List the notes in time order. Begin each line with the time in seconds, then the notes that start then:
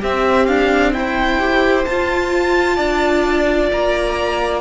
0.00 C4 G4 E5
0.46 D4 F5
0.93 E4 C5 G5
1.39 G4
1.85 F4 A5
2.76 D4 D5
3.72 A#3 A#5